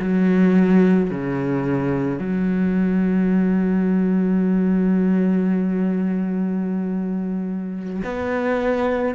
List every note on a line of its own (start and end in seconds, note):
0.00 1.11 F#3
1.11 2.20 C#3
2.20 8.03 F#3
8.04 9.15 B3